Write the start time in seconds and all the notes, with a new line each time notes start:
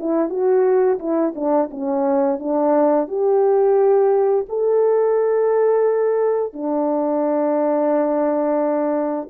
0.00 E4
0.30 F#4
1.00 E4
1.36 D4
1.71 C#4
2.40 D4
3.08 G4
4.50 A4
6.54 D4